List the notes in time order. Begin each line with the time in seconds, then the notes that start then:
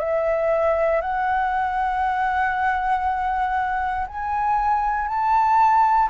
0.00 E5
1.02 F#5
4.08 G#5
5.08 A5